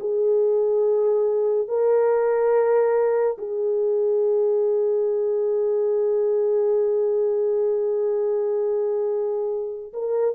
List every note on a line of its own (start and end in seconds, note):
0.00 1.69 G#4
1.69 3.38 A#4
3.38 9.93 G#4
9.94 10.36 A#4